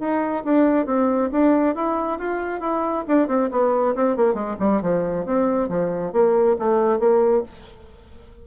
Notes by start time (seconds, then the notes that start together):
0.00 D#4
0.45 D4
0.86 C4
1.32 D4
1.75 E4
2.19 F4
2.61 E4
3.08 D4
3.28 C4
3.51 B3
3.96 C4
4.17 A#3
4.34 G#3
4.60 G3
4.82 F3
5.26 C4
5.69 F3
6.13 A#3
6.59 A3
7.00 A#3